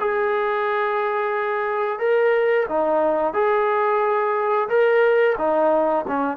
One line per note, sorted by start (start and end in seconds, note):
0.00 1.99 G#4
1.99 2.66 A#4
2.69 3.33 D#4
3.33 4.68 G#4
4.69 5.36 A#4
5.38 6.05 D#4
6.08 6.37 C#4